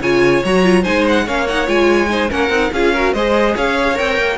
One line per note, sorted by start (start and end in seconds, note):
0.00 0.42 C#3
0.00 0.43 F4
0.00 0.82 C#5
0.00 0.43 G#5
0.44 0.86 F#3
0.44 0.63 F#4
0.44 0.83 A#5
0.63 0.84 F4
0.82 1.27 G#3
0.82 1.26 D#4
0.82 1.24 C5
0.82 1.04 G#5
1.08 1.28 F#5
1.25 1.68 A#3
1.25 1.47 C#4
1.25 2.09 C#5
1.25 1.47 F5
1.47 1.66 D#4
1.47 1.68 F#5
1.66 2.30 G#3
1.66 2.08 F4
1.66 2.30 G#5
2.08 2.29 D#4
2.08 2.29 C5
2.29 2.49 A#3
2.29 2.50 C#4
2.29 2.71 A#4
2.29 2.72 F#5
2.49 2.70 C4
2.49 2.72 D#4
2.72 3.13 C#4
2.72 2.95 F4
2.72 2.93 G#4
2.72 3.13 F5
2.93 3.16 F#4
2.93 3.13 A#4
3.13 3.55 G#3
3.13 3.94 G#4
3.13 3.55 C5
3.13 3.55 D#5
3.55 3.98 C#4
3.55 4.38 C#5
3.55 3.98 F5
3.94 4.18 C4
3.94 4.36 A#4
3.94 4.38 G5
4.18 4.38 A#3